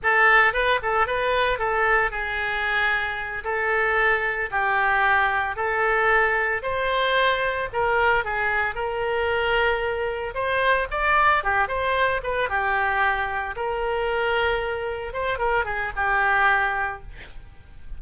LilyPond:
\new Staff \with { instrumentName = "oboe" } { \time 4/4 \tempo 4 = 113 a'4 b'8 a'8 b'4 a'4 | gis'2~ gis'8 a'4.~ | a'8 g'2 a'4.~ | a'8 c''2 ais'4 gis'8~ |
gis'8 ais'2. c''8~ | c''8 d''4 g'8 c''4 b'8 g'8~ | g'4. ais'2~ ais'8~ | ais'8 c''8 ais'8 gis'8 g'2 | }